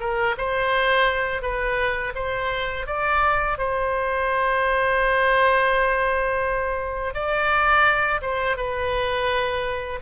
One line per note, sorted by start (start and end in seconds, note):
0.00 0.36 A#4
0.37 1.42 C5
1.42 2.13 B4
2.15 2.86 C5
2.86 3.58 D5
3.58 7.14 C5
7.14 8.21 D5
8.21 8.57 C5
8.57 10.00 B4